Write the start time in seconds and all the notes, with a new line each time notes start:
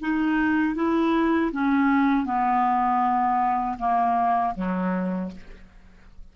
0.00 D#4
0.75 E4
1.52 C#4
2.25 B3
3.78 A#3
4.55 F#3